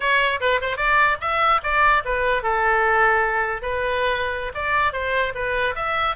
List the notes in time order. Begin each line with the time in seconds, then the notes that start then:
0.00 C#5
0.40 B4
0.61 C5
0.76 D5
1.20 E5
1.63 D5
2.04 B4
2.42 A4
3.61 B4
4.54 D5
4.92 C5
5.34 B4
5.75 E5